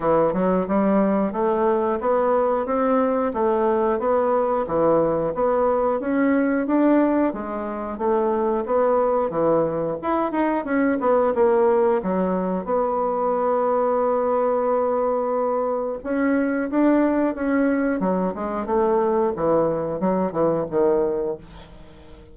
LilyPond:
\new Staff \with { instrumentName = "bassoon" } { \time 4/4 \tempo 4 = 90 e8 fis8 g4 a4 b4 | c'4 a4 b4 e4 | b4 cis'4 d'4 gis4 | a4 b4 e4 e'8 dis'8 |
cis'8 b8 ais4 fis4 b4~ | b1 | cis'4 d'4 cis'4 fis8 gis8 | a4 e4 fis8 e8 dis4 | }